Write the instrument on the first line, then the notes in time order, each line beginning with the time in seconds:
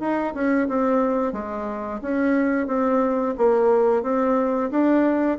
bassoon
0.00 D#4
0.34 C#4
0.69 C4
1.33 G#3
2.02 C#4
2.68 C4
3.38 A#3
4.03 C4
4.71 D4